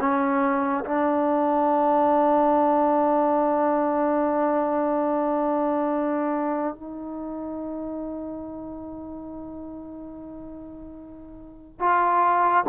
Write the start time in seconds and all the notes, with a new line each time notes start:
0.00 C#4
0.85 D4
6.75 D#4
11.80 F4